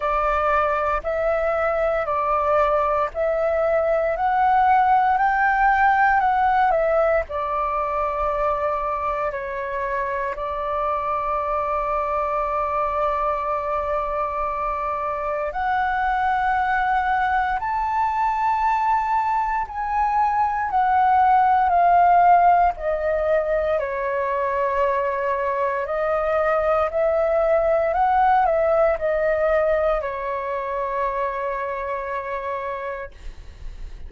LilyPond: \new Staff \with { instrumentName = "flute" } { \time 4/4 \tempo 4 = 58 d''4 e''4 d''4 e''4 | fis''4 g''4 fis''8 e''8 d''4~ | d''4 cis''4 d''2~ | d''2. fis''4~ |
fis''4 a''2 gis''4 | fis''4 f''4 dis''4 cis''4~ | cis''4 dis''4 e''4 fis''8 e''8 | dis''4 cis''2. | }